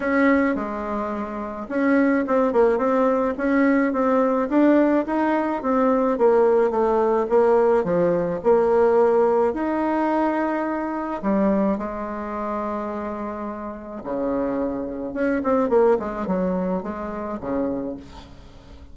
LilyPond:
\new Staff \with { instrumentName = "bassoon" } { \time 4/4 \tempo 4 = 107 cis'4 gis2 cis'4 | c'8 ais8 c'4 cis'4 c'4 | d'4 dis'4 c'4 ais4 | a4 ais4 f4 ais4~ |
ais4 dis'2. | g4 gis2.~ | gis4 cis2 cis'8 c'8 | ais8 gis8 fis4 gis4 cis4 | }